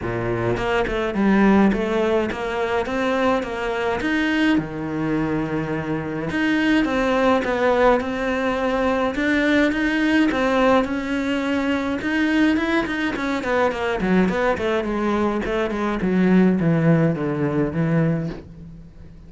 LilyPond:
\new Staff \with { instrumentName = "cello" } { \time 4/4 \tempo 4 = 105 ais,4 ais8 a8 g4 a4 | ais4 c'4 ais4 dis'4 | dis2. dis'4 | c'4 b4 c'2 |
d'4 dis'4 c'4 cis'4~ | cis'4 dis'4 e'8 dis'8 cis'8 b8 | ais8 fis8 b8 a8 gis4 a8 gis8 | fis4 e4 d4 e4 | }